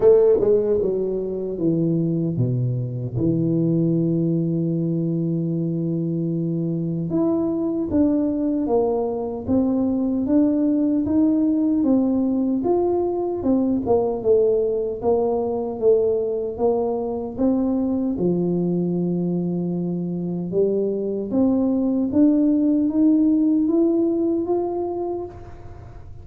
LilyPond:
\new Staff \with { instrumentName = "tuba" } { \time 4/4 \tempo 4 = 76 a8 gis8 fis4 e4 b,4 | e1~ | e4 e'4 d'4 ais4 | c'4 d'4 dis'4 c'4 |
f'4 c'8 ais8 a4 ais4 | a4 ais4 c'4 f4~ | f2 g4 c'4 | d'4 dis'4 e'4 f'4 | }